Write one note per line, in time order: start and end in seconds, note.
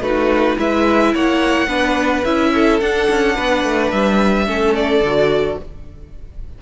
0.00 0.56 A3
0.00 0.58 D#4
0.00 0.57 F#4
0.00 0.58 B4
0.57 1.14 G#3
0.57 1.68 E4
0.57 1.13 B4
0.57 1.14 E5
1.14 1.66 A#3
1.14 1.67 C#5
1.14 2.24 F#5
1.66 2.22 B3
1.66 2.23 D4
1.66 2.50 B4
2.24 2.80 C#4
2.24 2.81 E4
2.24 2.80 E5
2.54 3.35 A4
2.80 3.09 D4
2.80 4.46 D4
2.80 3.90 F#5
3.10 3.37 C#4
3.35 3.64 B3
3.35 4.46 B4
3.64 3.91 A3
3.90 4.47 G3
3.90 4.74 E5
4.46 5.00 A3
4.46 5.01 C#4
4.46 5.58 A4
4.75 5.58 D5
5.00 5.55 D3
5.06 5.61 F#4